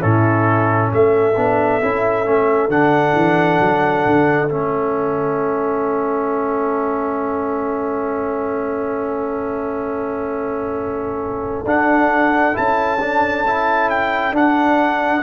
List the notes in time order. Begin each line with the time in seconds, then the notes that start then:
0.00 A2 C#4 E4 A4
0.93 A3 A4 E5
1.36 B3 D4
1.82 C#4 E4
2.24 A3 C#4
2.68 D3 D4 F#5
3.15 E3
3.60 F#3
4.06 D3
4.49 A3 C#4 E5
11.65 D4 F#5
12.53 C#4 E4 A5
13.00 D4
13.47 E4
13.90 G5
14.32 D4 F#5